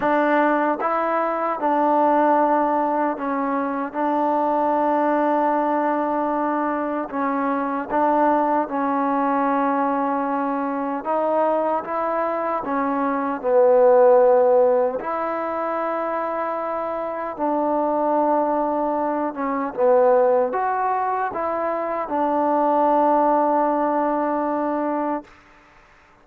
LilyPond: \new Staff \with { instrumentName = "trombone" } { \time 4/4 \tempo 4 = 76 d'4 e'4 d'2 | cis'4 d'2.~ | d'4 cis'4 d'4 cis'4~ | cis'2 dis'4 e'4 |
cis'4 b2 e'4~ | e'2 d'2~ | d'8 cis'8 b4 fis'4 e'4 | d'1 | }